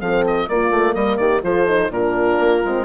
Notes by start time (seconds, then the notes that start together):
0.00 F3 C4 A4 F5
0.27 D#5
0.49 A#3 F4 D5
0.70 A3
0.95 G3 A#4 D#5
1.17 D#3 G4 D5
1.43 F3 F4 A4 C5
1.66 D#4
1.90 A#2 D4 F4 A#4
2.39 A#3
2.65 G#3 C4